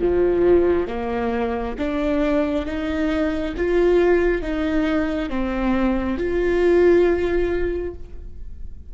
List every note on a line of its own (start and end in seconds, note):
0.00 0.87 F3
0.87 1.75 A#3
1.78 2.66 D4
2.66 3.54 D#4
3.57 4.41 F4
4.41 5.29 D#4
5.29 6.17 C4
6.18 7.94 F4